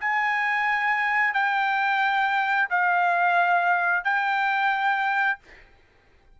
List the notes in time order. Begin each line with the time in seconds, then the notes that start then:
0.00 G#5
1.34 G5
2.70 F5
4.04 G5